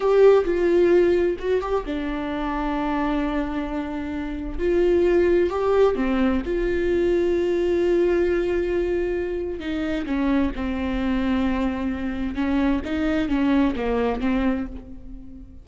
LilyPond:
\new Staff \with { instrumentName = "viola" } { \time 4/4 \tempo 4 = 131 g'4 f'2 fis'8 g'8 | d'1~ | d'2 f'2 | g'4 c'4 f'2~ |
f'1~ | f'4 dis'4 cis'4 c'4~ | c'2. cis'4 | dis'4 cis'4 ais4 c'4 | }